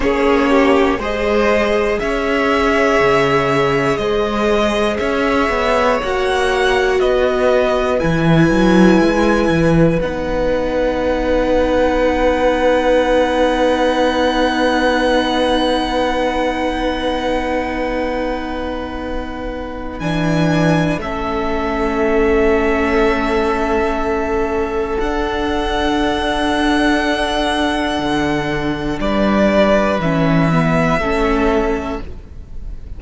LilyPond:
<<
  \new Staff \with { instrumentName = "violin" } { \time 4/4 \tempo 4 = 60 cis''4 dis''4 e''2 | dis''4 e''4 fis''4 dis''4 | gis''2 fis''2~ | fis''1~ |
fis''1 | gis''4 e''2.~ | e''4 fis''2.~ | fis''4 d''4 e''2 | }
  \new Staff \with { instrumentName = "violin" } { \time 4/4 gis'8 g'8 c''4 cis''2 | c''4 cis''2 b'4~ | b'1~ | b'1~ |
b'1~ | b'4 a'2.~ | a'1~ | a'4 b'2 a'4 | }
  \new Staff \with { instrumentName = "viola" } { \time 4/4 cis'4 gis'2.~ | gis'2 fis'2 | e'2 dis'2~ | dis'1~ |
dis'1 | d'4 cis'2.~ | cis'4 d'2.~ | d'2 cis'8 b8 cis'4 | }
  \new Staff \with { instrumentName = "cello" } { \time 4/4 ais4 gis4 cis'4 cis4 | gis4 cis'8 b8 ais4 b4 | e8 fis8 gis8 e8 b2~ | b1~ |
b1 | e4 a2.~ | a4 d'2. | d4 g4 e4 a4 | }
>>